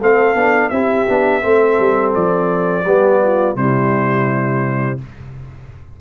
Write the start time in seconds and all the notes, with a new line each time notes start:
0.00 A3 C4 A4 F5
0.34 B3 D4
0.69 C4 E4 G4 E5
1.08 B3 D4
1.41 A3 C4 A4
1.79 G3
2.14 F3 D5
2.85 G3 B3 G4
3.23 F4
3.55 C3 G3 E4 C5